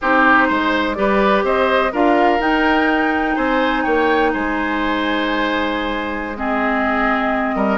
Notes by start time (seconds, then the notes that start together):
0.01 C4 D#4 G4 C5
0.48 G#3 C5
0.93 G3 G4 B4 D5
1.43 C4 C5 D#5
1.92 D4 F4 A#4 F5
2.39 D#4 G5
3.35 C4 C5 G#5
3.83 A#3 C#5 G5
4.33 G#3 C5 G#5
6.36 C4 G#4 D#5
7.55 G3 A#4